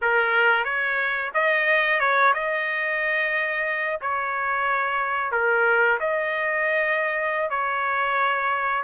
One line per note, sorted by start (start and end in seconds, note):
0.02 0.64 A#4
0.64 1.31 C#5
1.34 2.00 D#5
2.00 2.33 C#5
2.33 4.00 D#5
4.01 5.31 C#5
5.31 5.98 A#4
6.00 7.50 D#5
7.50 8.83 C#5